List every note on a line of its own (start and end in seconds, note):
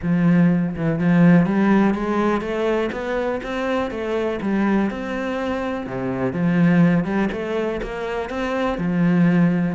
0.02 0.75 F3
0.76 0.99 E3
0.99 1.45 F3
1.45 1.94 G3
1.94 2.41 G#3
2.41 2.90 A3
2.92 3.41 B3
3.43 3.90 C4
3.90 4.39 A3
4.41 4.90 G3
4.90 5.86 C4
5.86 6.32 C3
6.32 7.04 F3
7.04 7.28 G3
7.32 7.80 A3
7.82 8.29 A#3
8.29 8.78 C4
8.78 9.75 F3